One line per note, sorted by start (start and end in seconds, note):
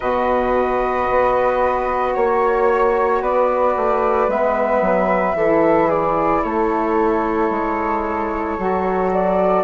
0.00 1.08 B2
0.00 4.28 F#4
0.00 2.14 B4
0.00 2.13 D#5
1.09 2.15 B3
2.13 3.21 A#3
2.13 3.20 C#5
2.13 3.21 C#5
3.21 3.75 B3
3.21 5.36 B4
3.21 4.29 D5
3.76 4.28 A3
4.28 4.81 G#3
4.28 5.35 B3
4.28 5.90 E5
4.81 5.34 F#3
5.34 6.42 E3
5.34 8.57 E4
5.34 5.87 A4
5.87 6.40 G#4
5.87 6.43 D5
6.43 7.50 A3
6.43 9.64 A4
6.43 9.10 C#5
7.50 8.57 G#3
8.57 9.64 F#3
8.57 9.64 F#4
9.12 9.64 D5